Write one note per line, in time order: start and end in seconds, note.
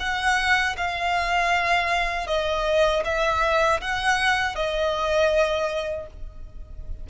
0.00 0.76 F#5
0.77 2.27 F5
2.27 3.03 D#5
3.05 3.81 E5
3.81 4.55 F#5
4.55 6.07 D#5